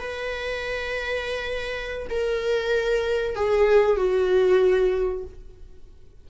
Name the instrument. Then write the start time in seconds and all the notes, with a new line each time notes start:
viola
0.00 B4
2.10 A#4
3.35 G#4
3.97 F#4